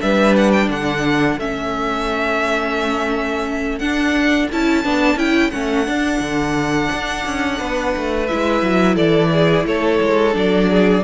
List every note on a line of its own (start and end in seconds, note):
0.00 0.68 G3
0.00 1.38 D4
0.00 0.69 B4
0.00 0.35 E5
0.36 0.51 F#5
0.51 0.68 G5
0.68 1.37 D3
0.68 7.58 A4
0.68 1.39 F#5
1.39 3.80 A3
1.39 3.81 C#4
1.39 3.79 E5
3.79 4.49 D4
3.79 4.50 D4
3.79 4.48 F#5
4.52 4.84 C#4
4.52 4.84 E4
4.52 5.18 A5
4.84 5.15 B3
4.84 5.17 D4
5.15 5.50 C#4
5.15 5.51 E4
5.15 5.51 G5
5.51 5.87 A3
5.51 5.85 C#4
5.51 8.26 F#5
5.85 8.27 D4
5.85 6.20 D4
6.20 6.89 D3
6.93 7.26 D4
7.26 7.60 C#4
7.58 7.95 B3
7.58 8.95 B4
7.96 8.31 A3
8.27 8.62 G#3
8.27 10.32 E4
8.27 8.96 E5
8.62 8.97 F#3
8.95 9.65 E3
8.95 9.29 A4
8.95 9.66 D5
9.32 9.66 G#4
9.65 9.99 A3
9.65 10.70 A4
9.65 10.36 C#5
10.01 10.35 G#3
10.32 11.04 F#3
10.32 11.01 D4
10.32 11.04 D5
10.70 11.04 G#4